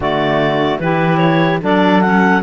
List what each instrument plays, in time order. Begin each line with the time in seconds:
0.00 cello D3, clarinet A3 D5, saxophone F#4
0.79 cello E3, clarinet E4 B4, saxophone G4
1.17 clarinet C#5
1.61 cello F#3, clarinet D4 D5, saxophone A4
2.01 clarinet C#4 F#5